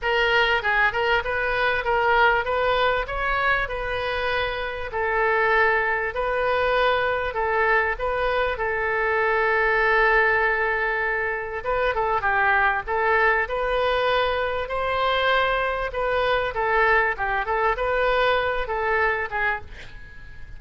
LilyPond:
\new Staff \with { instrumentName = "oboe" } { \time 4/4 \tempo 4 = 98 ais'4 gis'8 ais'8 b'4 ais'4 | b'4 cis''4 b'2 | a'2 b'2 | a'4 b'4 a'2~ |
a'2. b'8 a'8 | g'4 a'4 b'2 | c''2 b'4 a'4 | g'8 a'8 b'4. a'4 gis'8 | }